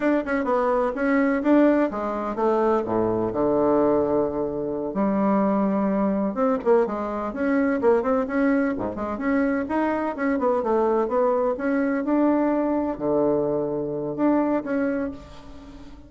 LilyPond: \new Staff \with { instrumentName = "bassoon" } { \time 4/4 \tempo 4 = 127 d'8 cis'8 b4 cis'4 d'4 | gis4 a4 a,4 d4~ | d2~ d8 g4.~ | g4. c'8 ais8 gis4 cis'8~ |
cis'8 ais8 c'8 cis'4 gis,8 gis8 cis'8~ | cis'8 dis'4 cis'8 b8 a4 b8~ | b8 cis'4 d'2 d8~ | d2 d'4 cis'4 | }